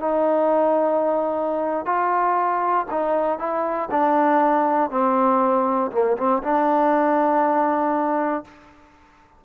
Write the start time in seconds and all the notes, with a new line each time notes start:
0.00 D#4
1.85 F4
2.90 D#4
3.39 E4
3.91 D4
4.90 C4
5.92 A#3
6.17 C4
6.43 D4